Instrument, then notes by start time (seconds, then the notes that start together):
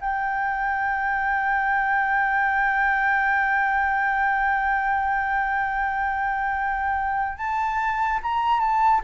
flute
0.00 G5
7.37 A5
8.22 A#5
8.60 A5